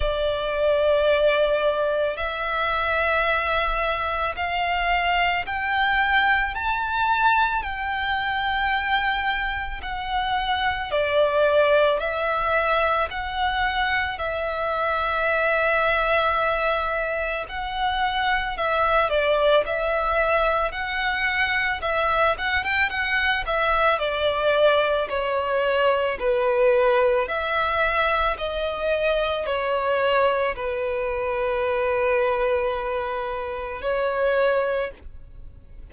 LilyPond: \new Staff \with { instrumentName = "violin" } { \time 4/4 \tempo 4 = 55 d''2 e''2 | f''4 g''4 a''4 g''4~ | g''4 fis''4 d''4 e''4 | fis''4 e''2. |
fis''4 e''8 d''8 e''4 fis''4 | e''8 fis''16 g''16 fis''8 e''8 d''4 cis''4 | b'4 e''4 dis''4 cis''4 | b'2. cis''4 | }